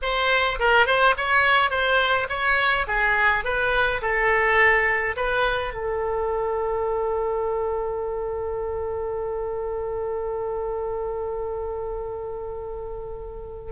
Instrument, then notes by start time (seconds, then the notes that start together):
oboe
0.02 C5
0.59 A#4
0.86 C5
1.17 C#5
1.70 C5
2.29 C#5
2.87 G#4
3.44 B4
4.01 A4
5.16 B4
5.73 A4